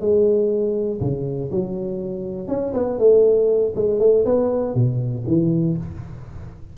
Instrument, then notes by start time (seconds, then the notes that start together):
tuba
0.00 G#3
1.00 C#3
1.51 F#3
2.48 C#4
2.73 B3
2.98 A3
3.75 G#3
3.99 A3
4.25 B3
4.75 B2
5.27 E3